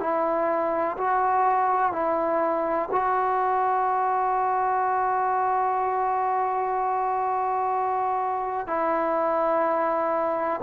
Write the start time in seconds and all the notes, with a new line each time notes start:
0.00 E4
0.98 F#4
1.93 E4
2.92 F#4
8.67 E4